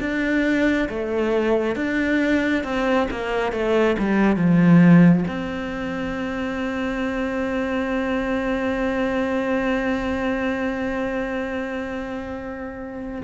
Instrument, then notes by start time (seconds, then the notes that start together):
cello
0.00 D4
0.89 A3
1.75 D4
2.63 C4
3.10 A#3
3.52 A3
3.98 G3
4.36 F3
5.27 C4